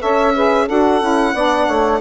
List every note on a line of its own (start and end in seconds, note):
0.00 0.69 C#4
0.00 0.35 A4
0.00 0.33 C#5
0.00 0.69 E5
0.35 0.68 G#4
0.35 0.65 B4
0.65 1.02 D4
0.65 1.01 F#4
0.65 1.32 A4
0.65 2.01 F#5
1.01 1.34 C#4
1.01 1.34 E4
1.34 1.67 B3
1.34 2.01 D4
1.34 1.66 D5
1.66 2.01 A3
1.66 1.99 C#5